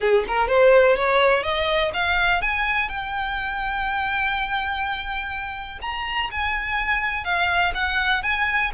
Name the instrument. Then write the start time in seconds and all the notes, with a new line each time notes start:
violin
0.00 G#4
0.27 A#4
0.48 C5
0.96 C#5
1.43 D#5
1.93 F5
2.41 G#5
2.88 G5
5.81 A#5
6.31 G#5
7.24 F5
7.74 F#5
8.22 G#5